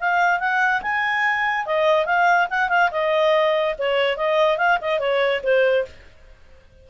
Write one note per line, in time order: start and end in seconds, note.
0.00 0.40 F5
0.40 0.82 F#5
0.82 1.66 G#5
1.66 2.06 D#5
2.06 2.48 F5
2.50 2.69 F#5
2.69 2.90 F5
2.92 3.76 D#5
3.79 4.17 C#5
4.17 4.58 D#5
4.58 4.79 F5
4.82 4.99 D#5
4.99 5.41 C#5
5.44 5.86 C5